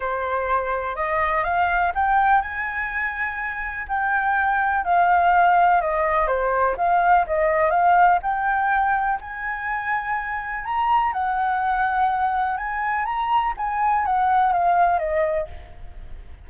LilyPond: \new Staff \with { instrumentName = "flute" } { \time 4/4 \tempo 4 = 124 c''2 dis''4 f''4 | g''4 gis''2. | g''2 f''2 | dis''4 c''4 f''4 dis''4 |
f''4 g''2 gis''4~ | gis''2 ais''4 fis''4~ | fis''2 gis''4 ais''4 | gis''4 fis''4 f''4 dis''4 | }